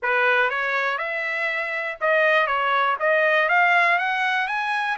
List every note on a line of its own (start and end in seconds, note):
0.02 0.50 B4
0.50 0.98 C#5
0.98 1.97 E5
2.01 2.47 D#5
2.47 2.96 C#5
2.99 3.48 D#5
3.48 3.98 F5
3.98 4.47 F#5
4.47 4.97 G#5